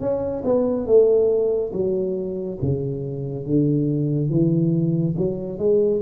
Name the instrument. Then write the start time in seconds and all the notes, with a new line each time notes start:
tuba
0.00 C#4
0.44 B3
0.86 A3
1.73 F#3
2.61 C#3
3.46 D3
4.30 E3
5.17 F#3
5.58 G#3